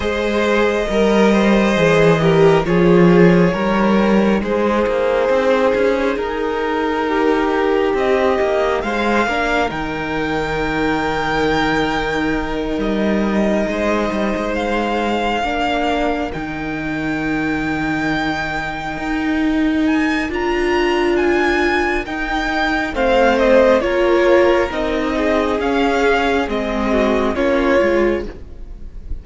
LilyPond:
<<
  \new Staff \with { instrumentName = "violin" } { \time 4/4 \tempo 4 = 68 dis''2. cis''4~ | cis''4 c''2 ais'4~ | ais'4 dis''4 f''4 g''4~ | g''2~ g''8 dis''4.~ |
dis''8 f''2 g''4.~ | g''2~ g''8 gis''8 ais''4 | gis''4 g''4 f''8 dis''8 cis''4 | dis''4 f''4 dis''4 cis''4 | }
  \new Staff \with { instrumentName = "violin" } { \time 4/4 c''4 ais'8 c''4 ais'8 gis'4 | ais'4 gis'2. | g'2 c''8 ais'4.~ | ais'2.~ ais'8 c''8~ |
c''4. ais'2~ ais'8~ | ais'1~ | ais'2 c''4 ais'4~ | ais'8 gis'2 fis'8 f'4 | }
  \new Staff \with { instrumentName = "viola" } { \time 4/4 gis'4 ais'4 gis'8 g'8 f'4 | dis'1~ | dis'2~ dis'8 d'8 dis'4~ | dis'1~ |
dis'4. d'4 dis'4.~ | dis'2. f'4~ | f'4 dis'4 c'4 f'4 | dis'4 cis'4 c'4 cis'8 f'8 | }
  \new Staff \with { instrumentName = "cello" } { \time 4/4 gis4 g4 e4 f4 | g4 gis8 ais8 c'8 cis'8 dis'4~ | dis'4 c'8 ais8 gis8 ais8 dis4~ | dis2~ dis8 g4 gis8 |
g16 gis4~ gis16 ais4 dis4.~ | dis4. dis'4. d'4~ | d'4 dis'4 a4 ais4 | c'4 cis'4 gis4 ais8 gis8 | }
>>